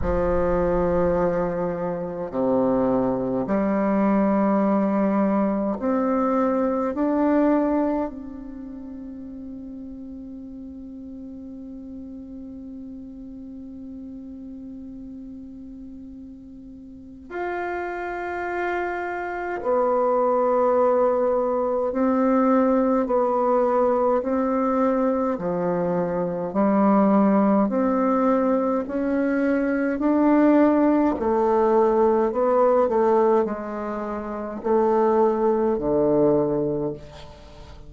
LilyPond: \new Staff \with { instrumentName = "bassoon" } { \time 4/4 \tempo 4 = 52 f2 c4 g4~ | g4 c'4 d'4 c'4~ | c'1~ | c'2. f'4~ |
f'4 b2 c'4 | b4 c'4 f4 g4 | c'4 cis'4 d'4 a4 | b8 a8 gis4 a4 d4 | }